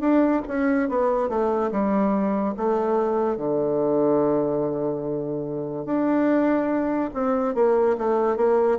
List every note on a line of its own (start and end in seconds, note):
0.00 0.42 D4
0.47 0.89 C#4
0.89 1.29 B3
1.29 1.70 A3
1.71 2.54 G3
2.56 3.37 A3
3.37 5.85 D3
5.85 7.10 D4
7.14 7.55 C4
7.55 7.96 A#3
7.97 8.36 A3
8.36 8.78 A#3